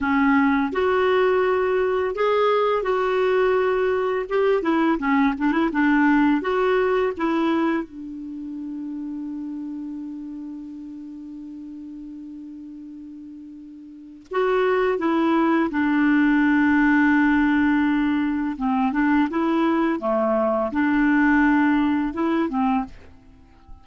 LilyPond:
\new Staff \with { instrumentName = "clarinet" } { \time 4/4 \tempo 4 = 84 cis'4 fis'2 gis'4 | fis'2 g'8 e'8 cis'8 d'16 e'16 | d'4 fis'4 e'4 d'4~ | d'1~ |
d'1 | fis'4 e'4 d'2~ | d'2 c'8 d'8 e'4 | a4 d'2 e'8 c'8 | }